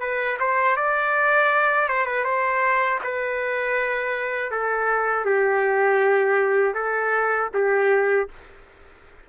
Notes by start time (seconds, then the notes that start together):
0.00 B4
0.40 C5
0.76 D5
1.89 C5
2.06 B4
2.24 C5
3.03 B4
4.51 A4
5.25 G4
6.74 A4
7.54 G4